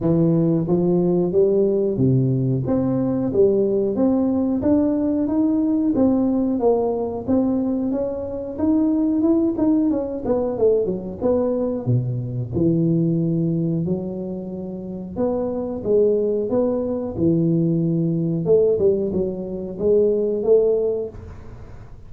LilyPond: \new Staff \with { instrumentName = "tuba" } { \time 4/4 \tempo 4 = 91 e4 f4 g4 c4 | c'4 g4 c'4 d'4 | dis'4 c'4 ais4 c'4 | cis'4 dis'4 e'8 dis'8 cis'8 b8 |
a8 fis8 b4 b,4 e4~ | e4 fis2 b4 | gis4 b4 e2 | a8 g8 fis4 gis4 a4 | }